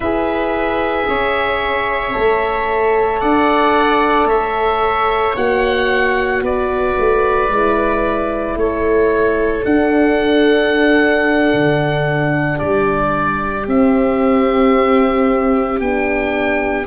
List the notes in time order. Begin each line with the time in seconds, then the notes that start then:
0.00 E4 G#4 B4 E5
1.08 C#4 C#5
2.13 A3 A4
3.20 D4 D5 F#5
4.25 A3 C#5 E5
5.36 A#3 F#4 F#5
6.41 B3 B4 D5
6.98 A3
7.49 G#3 E4
8.55 A3 A4 C#5
9.64 D4 F#5
11.53 D3
12.57 G3 G4 D5
13.66 C4 E5
15.79 B3 D4 G5